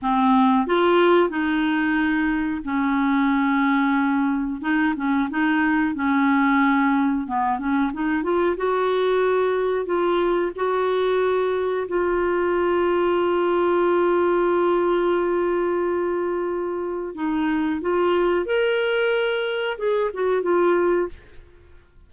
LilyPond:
\new Staff \with { instrumentName = "clarinet" } { \time 4/4 \tempo 4 = 91 c'4 f'4 dis'2 | cis'2. dis'8 cis'8 | dis'4 cis'2 b8 cis'8 | dis'8 f'8 fis'2 f'4 |
fis'2 f'2~ | f'1~ | f'2 dis'4 f'4 | ais'2 gis'8 fis'8 f'4 | }